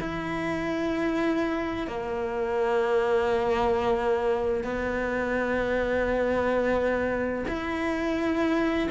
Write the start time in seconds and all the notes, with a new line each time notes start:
0.00 E4
1.87 A#3
4.64 B3
7.48 E4